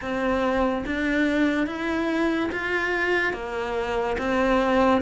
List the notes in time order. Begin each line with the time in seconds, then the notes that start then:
0.01 C4
0.86 D4
1.66 E4
2.52 F4
3.33 A#3
4.17 C4